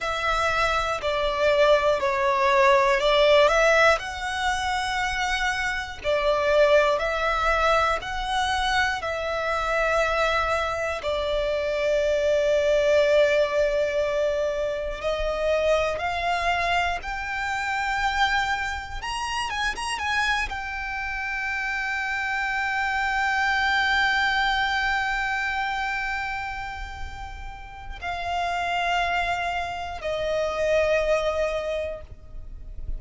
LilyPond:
\new Staff \with { instrumentName = "violin" } { \time 4/4 \tempo 4 = 60 e''4 d''4 cis''4 d''8 e''8 | fis''2 d''4 e''4 | fis''4 e''2 d''4~ | d''2. dis''4 |
f''4 g''2 ais''8 gis''16 ais''16 | gis''8 g''2.~ g''8~ | g''1 | f''2 dis''2 | }